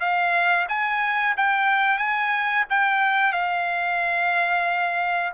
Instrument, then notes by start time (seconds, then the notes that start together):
trumpet
0.00 F5
0.68 G#5
1.37 G5
1.98 G#5
2.70 G5
3.32 F5